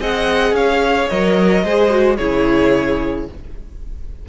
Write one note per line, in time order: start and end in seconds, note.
0.00 0.52 C4
0.00 1.10 G#4
0.00 0.55 D#5
0.00 0.55 F#5
0.52 1.07 C#4
0.52 1.64 C#5
0.52 1.09 F5
1.09 1.64 F#3
1.09 1.65 A#4
1.09 2.17 D#5
1.64 2.18 G#3
1.64 1.89 G#4
1.64 2.17 C5
1.89 2.17 F#4
2.17 3.28 C#3
2.17 3.28 E4
2.17 3.26 G#4
2.17 3.26 C#5